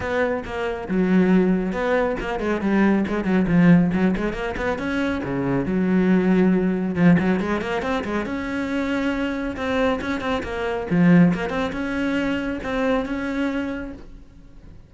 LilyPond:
\new Staff \with { instrumentName = "cello" } { \time 4/4 \tempo 4 = 138 b4 ais4 fis2 | b4 ais8 gis8 g4 gis8 fis8 | f4 fis8 gis8 ais8 b8 cis'4 | cis4 fis2. |
f8 fis8 gis8 ais8 c'8 gis8 cis'4~ | cis'2 c'4 cis'8 c'8 | ais4 f4 ais8 c'8 cis'4~ | cis'4 c'4 cis'2 | }